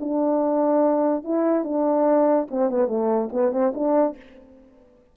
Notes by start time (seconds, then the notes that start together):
0.00 D4
1.24 E4
1.64 D4
2.51 C4
2.70 B3
2.87 A3
3.32 B3
3.52 C4
3.74 D4